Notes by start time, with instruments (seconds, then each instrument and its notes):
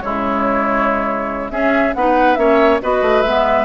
0.00 bassoon C#3, clarinet G#3, oboe E4, flute C#5
1.50 bassoon C#4, clarinet C#4, oboe G#4, flute E5
1.94 bassoon B3, clarinet D#4, oboe B4, flute F#5
2.35 bassoon A#3, clarinet C#4, oboe C#5, flute E5
2.82 bassoon B3, clarinet F#4, oboe B4, flute D#5
3.02 bassoon A3
3.22 bassoon G#3, clarinet B3, flute E5